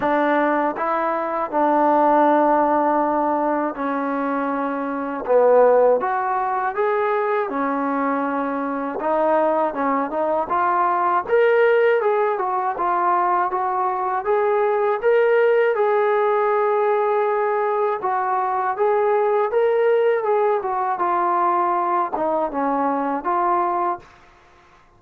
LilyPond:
\new Staff \with { instrumentName = "trombone" } { \time 4/4 \tempo 4 = 80 d'4 e'4 d'2~ | d'4 cis'2 b4 | fis'4 gis'4 cis'2 | dis'4 cis'8 dis'8 f'4 ais'4 |
gis'8 fis'8 f'4 fis'4 gis'4 | ais'4 gis'2. | fis'4 gis'4 ais'4 gis'8 fis'8 | f'4. dis'8 cis'4 f'4 | }